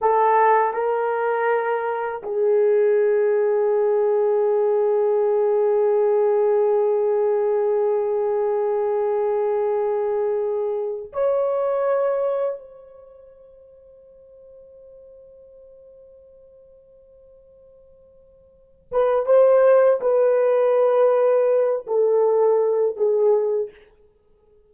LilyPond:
\new Staff \with { instrumentName = "horn" } { \time 4/4 \tempo 4 = 81 a'4 ais'2 gis'4~ | gis'1~ | gis'1~ | gis'2. cis''4~ |
cis''4 c''2.~ | c''1~ | c''4. b'8 c''4 b'4~ | b'4. a'4. gis'4 | }